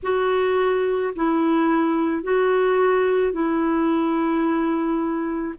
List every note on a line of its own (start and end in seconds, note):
0.03 1.14 F#4
1.15 2.23 E4
2.23 3.32 F#4
3.32 5.55 E4